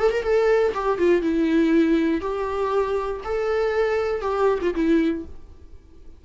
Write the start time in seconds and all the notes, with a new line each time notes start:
0.00 A4
0.12 A#4
0.23 A4
0.75 G4
0.99 F4
1.22 E4
2.21 G4
3.25 A4
4.22 G4
4.62 F4
4.75 E4